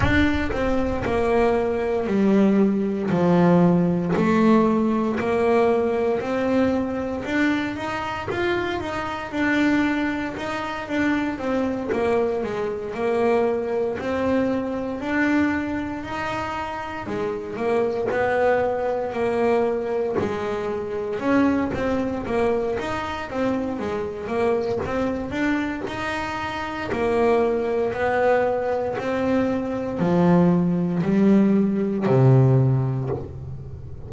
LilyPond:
\new Staff \with { instrumentName = "double bass" } { \time 4/4 \tempo 4 = 58 d'8 c'8 ais4 g4 f4 | a4 ais4 c'4 d'8 dis'8 | f'8 dis'8 d'4 dis'8 d'8 c'8 ais8 | gis8 ais4 c'4 d'4 dis'8~ |
dis'8 gis8 ais8 b4 ais4 gis8~ | gis8 cis'8 c'8 ais8 dis'8 c'8 gis8 ais8 | c'8 d'8 dis'4 ais4 b4 | c'4 f4 g4 c4 | }